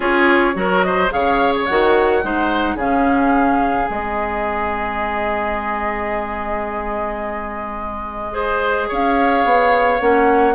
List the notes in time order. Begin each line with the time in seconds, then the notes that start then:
0.00 C#4 F4 G#4 C#5
0.54 F#3 F#4 A#4
0.82 C5 D#5
1.10 C#3 G#4 C#5 F5
1.55 C#5
1.66 D#3 F#4 F#5
2.23 G#3 D#4 C5
2.75 C#3 C#4 G#4 F5
3.88 G#3 C4 D#5
8.31 G#4 C5
8.88 C#4 C#5 F5
9.44 B3
10.00 A#3 C#4 F#5